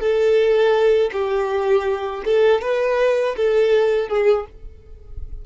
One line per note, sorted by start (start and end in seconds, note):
0.00 1.11 A4
1.12 2.24 G4
2.25 2.62 A4
2.62 3.36 B4
3.36 4.08 A4
4.08 4.45 G#4